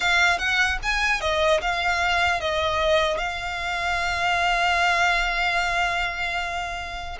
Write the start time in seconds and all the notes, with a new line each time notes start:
0.00 F5
0.38 F#5
0.82 G#5
1.20 D#5
1.61 F5
2.40 D#5
3.17 F5